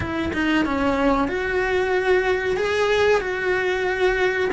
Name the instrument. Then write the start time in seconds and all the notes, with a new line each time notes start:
cello
0.00 E4
0.33 D#4
0.65 C#4
1.28 F#4
2.57 G#4
3.21 F#4